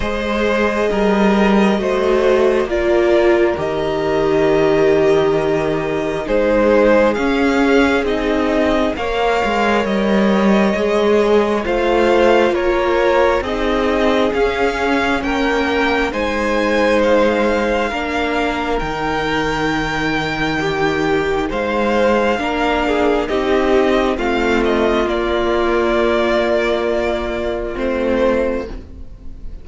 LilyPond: <<
  \new Staff \with { instrumentName = "violin" } { \time 4/4 \tempo 4 = 67 dis''2. d''4 | dis''2. c''4 | f''4 dis''4 f''4 dis''4~ | dis''4 f''4 cis''4 dis''4 |
f''4 g''4 gis''4 f''4~ | f''4 g''2. | f''2 dis''4 f''8 dis''8 | d''2. c''4 | }
  \new Staff \with { instrumentName = "violin" } { \time 4/4 c''4 ais'4 c''4 ais'4~ | ais'2. gis'4~ | gis'2 cis''2~ | cis''4 c''4 ais'4 gis'4~ |
gis'4 ais'4 c''2 | ais'2. g'4 | c''4 ais'8 gis'8 g'4 f'4~ | f'1 | }
  \new Staff \with { instrumentName = "viola" } { \time 4/4 gis'2 fis'4 f'4 | g'2. dis'4 | cis'4 dis'4 ais'2 | gis'4 f'2 dis'4 |
cis'2 dis'2 | d'4 dis'2.~ | dis'4 d'4 dis'4 c'4 | ais2. c'4 | }
  \new Staff \with { instrumentName = "cello" } { \time 4/4 gis4 g4 a4 ais4 | dis2. gis4 | cis'4 c'4 ais8 gis8 g4 | gis4 a4 ais4 c'4 |
cis'4 ais4 gis2 | ais4 dis2. | gis4 ais4 c'4 a4 | ais2. a4 | }
>>